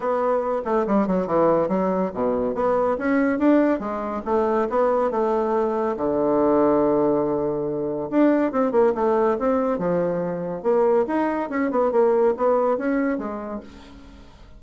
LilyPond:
\new Staff \with { instrumentName = "bassoon" } { \time 4/4 \tempo 4 = 141 b4. a8 g8 fis8 e4 | fis4 b,4 b4 cis'4 | d'4 gis4 a4 b4 | a2 d2~ |
d2. d'4 | c'8 ais8 a4 c'4 f4~ | f4 ais4 dis'4 cis'8 b8 | ais4 b4 cis'4 gis4 | }